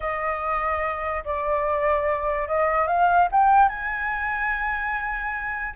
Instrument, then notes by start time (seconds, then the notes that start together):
flute
0.00 D#5
1.24 D5
2.48 D#5
2.87 F5
3.31 G5
3.68 G#5